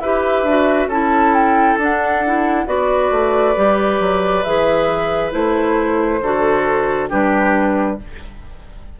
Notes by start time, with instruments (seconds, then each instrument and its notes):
0.00 bassoon E4, clarinet G4, oboe B4, flute E5
0.43 bassoon D4, clarinet F#4
0.87 bassoon C#4, clarinet E4, oboe A4, flute A5
1.34 flute G5
1.78 bassoon D4, clarinet D4, flute F#5
2.26 clarinet E4
2.66 bassoon B3, clarinet F#4, oboe B4, flute D5
3.11 bassoon A3
3.56 bassoon G3, clarinet G4
4.00 bassoon F#3
4.43 bassoon E3, clarinet G#4, flute E5
5.31 bassoon A3, clarinet E4, flute C5
6.22 bassoon D3, clarinet F#4, oboe A4
7.09 bassoon G3, clarinet D4, oboe G4, flute B4